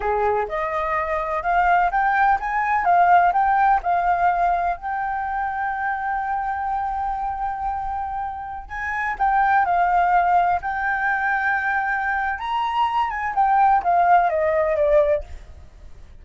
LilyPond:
\new Staff \with { instrumentName = "flute" } { \time 4/4 \tempo 4 = 126 gis'4 dis''2 f''4 | g''4 gis''4 f''4 g''4 | f''2 g''2~ | g''1~ |
g''2~ g''16 gis''4 g''8.~ | g''16 f''2 g''4.~ g''16~ | g''2 ais''4. gis''8 | g''4 f''4 dis''4 d''4 | }